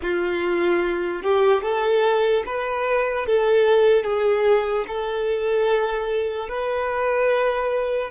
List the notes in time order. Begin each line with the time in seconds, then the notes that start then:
0.02 F4
1.22 G4
1.62 A4
2.46 B4
3.26 A4
4.04 G#4
4.87 A4
6.48 B4